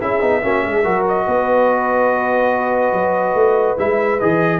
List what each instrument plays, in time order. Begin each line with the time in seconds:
0.00 tuba C#4, trombone E4, horn G#4, trumpet E5
0.20 tuba B3, trombone D#4
0.41 tuba A#3, trombone C#4, horn F#4
0.63 tuba G#3, horn G#4
0.82 tuba F#3, trombone F#4, horn A#4
1.08 trumpet D#5
1.27 tuba B3, horn B4
2.92 tuba F#3
3.34 tuba A3
3.77 tuba G#3, trombone E4, trumpet E5
4.20 tuba E3, trombone G#4, trumpet D#5